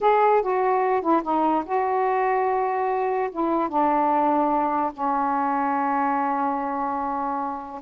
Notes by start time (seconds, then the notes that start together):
0.01 G#4
0.42 F#4
1.01 E4
1.22 D#4
1.65 F#4
3.31 E4
3.68 D4
4.93 C#4